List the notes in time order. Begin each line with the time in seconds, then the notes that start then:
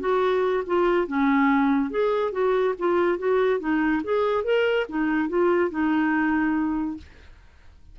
0.00 F#4
0.66 F4
1.07 C#4
1.90 G#4
2.32 F#4
2.78 F4
3.18 F#4
3.60 D#4
4.03 G#4
4.44 A#4
4.88 D#4
5.28 F4
5.70 D#4